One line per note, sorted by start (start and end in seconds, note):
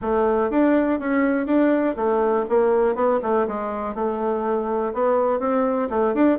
0.01 0.50 A3
0.50 0.99 D4
0.99 1.46 C#4
1.46 1.95 D4
1.96 2.45 A3
2.49 2.95 A#3
2.95 3.19 B3
3.22 3.46 A3
3.47 3.94 G#3
3.94 4.93 A3
4.93 5.39 B3
5.39 5.88 C4
5.89 6.14 A3
6.14 6.38 D4